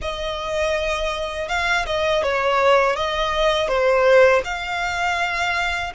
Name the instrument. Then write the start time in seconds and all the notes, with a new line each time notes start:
violin
0.01 D#5
1.48 F5
1.86 D#5
2.23 C#5
2.96 D#5
3.67 C5
4.44 F5